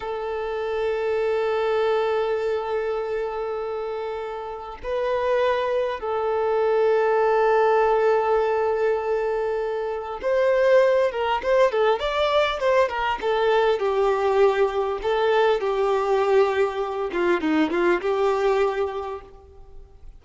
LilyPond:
\new Staff \with { instrumentName = "violin" } { \time 4/4 \tempo 4 = 100 a'1~ | a'1 | b'2 a'2~ | a'1~ |
a'4 c''4. ais'8 c''8 a'8 | d''4 c''8 ais'8 a'4 g'4~ | g'4 a'4 g'2~ | g'8 f'8 dis'8 f'8 g'2 | }